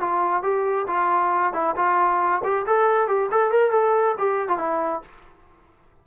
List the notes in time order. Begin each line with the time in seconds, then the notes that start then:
0.00 F4
0.43 G4
0.87 F4
1.53 E4
1.76 F4
2.44 G4
2.67 A4
3.08 G4
3.31 A4
3.51 A#4
3.71 A4
4.18 G4
4.49 F4
4.58 E4